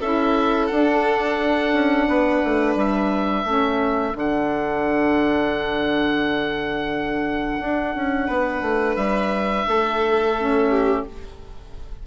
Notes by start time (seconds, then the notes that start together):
0.00 C#4 E4 A4 E5
0.67 D4 F#5
1.73 C#4
2.08 B3 B4
2.44 A3
2.75 G3 E5
3.45 A3 C#4 A4
4.12 D3 D4
4.19 F#5
7.60 D4
7.95 C#4
8.28 B3 B4
8.61 A3
8.96 G3 E5
9.67 A3 A4
10.38 C#4
10.69 G4